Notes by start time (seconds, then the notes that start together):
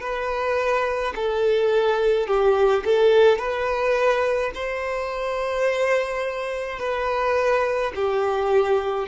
0.00 B4
1.15 A4
2.27 G4
2.84 A4
3.38 B4
4.54 C5
6.79 B4
7.95 G4